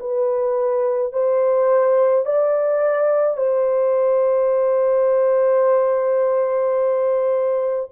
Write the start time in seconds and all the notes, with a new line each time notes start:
0.00 B4
1.13 C5
2.25 D5
3.37 C5